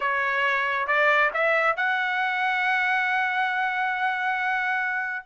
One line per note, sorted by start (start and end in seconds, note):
0.00 0.87 C#5
0.87 1.31 D5
1.33 1.76 E5
1.76 5.26 F#5